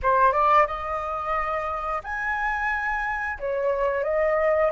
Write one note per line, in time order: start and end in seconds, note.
0.02 0.32 C5
0.32 0.66 D5
0.66 2.01 D#5
2.03 3.38 G#5
3.39 4.03 C#5
4.03 4.71 D#5